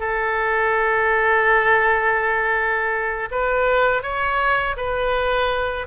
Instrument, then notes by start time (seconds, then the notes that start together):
oboe
0.00 A4
3.31 B4
4.03 C#5
4.77 B4